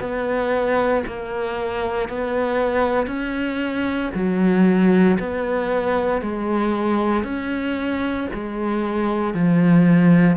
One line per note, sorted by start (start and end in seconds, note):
0.00 1.03 B3
1.07 2.09 A#3
2.09 3.07 B3
3.07 4.10 C#4
4.15 5.18 F#3
5.19 6.22 B3
6.22 7.24 G#3
7.24 8.27 C#4
8.34 9.34 G#3
9.34 10.36 F3